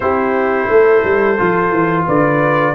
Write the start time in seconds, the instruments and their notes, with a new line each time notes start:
0.00 tuba C4, trombone E4, horn G4, trumpet C5
0.68 tuba A3, horn A4
1.03 tuba G3
1.37 tuba F3, trombone F4
1.71 tuba E3
2.05 tuba D3, horn B4, trumpet D5